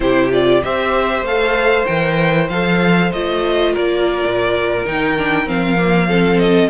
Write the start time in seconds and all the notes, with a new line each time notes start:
0.00 C3 E4 G4 C5
0.31 F4 D5
0.63 C4 G4 C5 E5
1.21 A3 A4 F5
1.85 E3 A#4 G5
2.49 F3 A4 F5
3.12 A3 F4 D#5
3.73 A#3 A#4 D5
4.26 A#2
4.85 D#3 D#4 G5
5.16 D4
5.45 F3 C4 F5
5.77 A#3
6.07 C4 A4
6.39 D#5